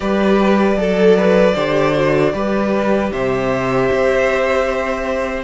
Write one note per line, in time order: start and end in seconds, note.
0.00 0.75 G3
0.00 0.77 G4
0.00 0.78 B4
0.00 3.10 D5
0.75 1.53 F#3
0.75 1.55 A4
0.75 1.17 A4
1.17 1.54 B4
1.54 2.33 D3
1.54 1.94 G4
1.54 2.32 C5
1.94 2.33 F#4
2.33 3.11 G3
2.33 5.43 G4
2.33 3.12 B4
3.12 3.90 C3
3.12 5.43 C5
3.12 5.43 E5
3.92 5.43 C4